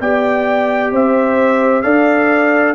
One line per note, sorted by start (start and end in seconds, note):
0.00 0.91 B3
0.00 1.83 G4
0.00 0.92 D5
0.00 0.93 G5
0.91 1.83 C4
0.91 1.83 C5
0.91 1.82 E5
1.82 2.75 D4
1.82 2.75 A4
1.82 2.75 D5
1.82 2.75 F5